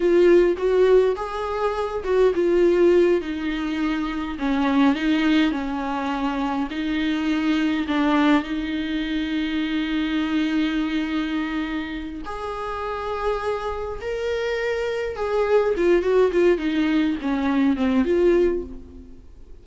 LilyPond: \new Staff \with { instrumentName = "viola" } { \time 4/4 \tempo 4 = 103 f'4 fis'4 gis'4. fis'8 | f'4. dis'2 cis'8~ | cis'8 dis'4 cis'2 dis'8~ | dis'4. d'4 dis'4.~ |
dis'1~ | dis'4 gis'2. | ais'2 gis'4 f'8 fis'8 | f'8 dis'4 cis'4 c'8 f'4 | }